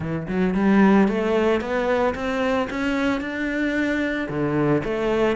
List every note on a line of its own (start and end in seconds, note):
0.00 0.27 E3
0.28 0.54 F#3
0.54 1.07 G3
1.07 1.60 A3
1.60 2.14 B3
2.15 2.68 C4
2.70 3.20 C#4
3.20 4.28 D4
4.29 4.82 D3
4.84 5.36 A3